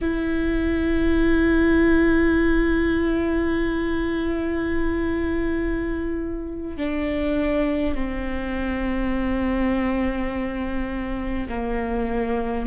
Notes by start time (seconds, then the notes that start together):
0.01 E4
6.76 D4
7.94 C4
11.49 A#3